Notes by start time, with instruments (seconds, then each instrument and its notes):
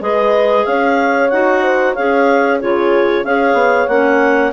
0.00 bassoon G#3, clarinet G#4 D#5, horn B4
0.65 bassoon C#4, horn C#5, clarinet F5
1.29 bassoon D#4, clarinet F#4 F#5
1.62 horn C5
1.93 bassoon C#4, clarinet G#4 F5, horn C#5
2.60 bassoon C#3, clarinet F4 C#5, horn G#4
3.24 bassoon C#4, clarinet G#4 F5, horn C#5
3.53 bassoon B3
3.87 bassoon A#3, clarinet C#4 F#5